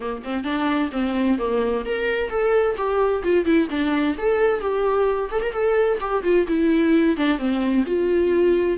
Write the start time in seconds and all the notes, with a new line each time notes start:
0.00 A#3
0.24 C4
0.43 D4
0.92 C4
1.38 A#3
1.85 A#4
2.30 A4
2.76 G4
3.23 F4
3.45 E4
3.70 D4
4.17 A4
4.60 G4
5.31 A4
5.42 A#4
5.52 A4
6.00 G4
6.23 F4
6.47 E4
7.16 D4
7.38 C4
7.86 F4